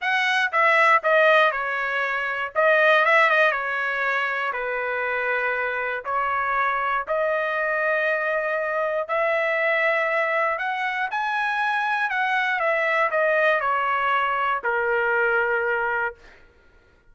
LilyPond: \new Staff \with { instrumentName = "trumpet" } { \time 4/4 \tempo 4 = 119 fis''4 e''4 dis''4 cis''4~ | cis''4 dis''4 e''8 dis''8 cis''4~ | cis''4 b'2. | cis''2 dis''2~ |
dis''2 e''2~ | e''4 fis''4 gis''2 | fis''4 e''4 dis''4 cis''4~ | cis''4 ais'2. | }